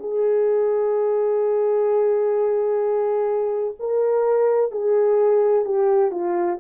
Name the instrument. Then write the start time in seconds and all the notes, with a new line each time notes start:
horn
0.00 G#4
3.80 A#4
4.72 G#4
5.65 G4
6.12 F4